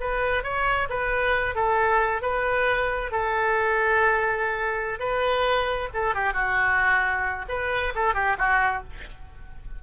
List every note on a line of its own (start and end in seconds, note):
0.00 0.43 B4
0.43 0.88 C#5
0.89 1.55 B4
1.55 2.22 A4
2.22 3.11 B4
3.11 4.99 A4
4.99 5.89 B4
5.93 6.14 A4
6.14 6.33 G4
6.33 7.45 F#4
7.48 7.93 B4
7.95 8.14 A4
8.14 8.36 G4
8.38 8.83 F#4